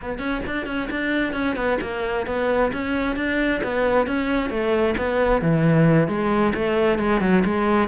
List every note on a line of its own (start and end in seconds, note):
0.01 0.18 B3
0.18 0.41 C#4
0.46 0.66 D4
0.66 0.89 C#4
0.90 1.33 D4
1.33 1.55 C#4
1.55 1.78 B3
1.81 2.26 A#3
2.26 2.71 B3
2.72 3.16 C#4
3.16 3.61 D4
3.63 4.07 B3
4.07 4.49 C#4
4.49 4.95 A3
4.97 5.41 B3
5.41 6.08 E3
6.08 6.53 G#3
6.54 6.98 A3
6.98 7.21 G#3
7.21 7.43 F#3
7.44 7.88 G#3